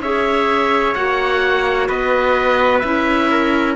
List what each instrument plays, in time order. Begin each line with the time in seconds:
0.00 cello C#4, clarinet G#4, trumpet C#5, oboe E5
0.94 cello A#3, clarinet F#4, oboe F#5
1.88 cello B3, trumpet B4, oboe D#5
2.79 cello C#4, clarinet E4, oboe E5
3.30 trumpet A#4